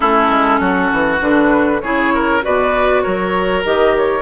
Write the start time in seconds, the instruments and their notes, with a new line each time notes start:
0.00 bassoon A3, clarinet C#4, oboe E4, flute A4
0.29 bassoon G#3
0.59 bassoon F#3, oboe F#4
0.92 bassoon E3
1.20 bassoon D3, clarinet D4, flute B4
1.80 bassoon C#3, clarinet E4, oboe G#4, flute C#5
2.14 oboe A#4
2.41 bassoon B2, clarinet F#4, oboe B4, flute D5
3.02 bassoon F#3, oboe A#4, flute C#5
3.64 bassoon D#3, clarinet G4, flute D#5
3.96 flute C#5